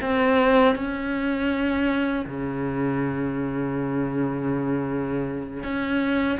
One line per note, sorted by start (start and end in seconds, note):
0.00 0.75 C4
0.75 2.25 C#4
2.26 5.63 C#3
5.63 6.38 C#4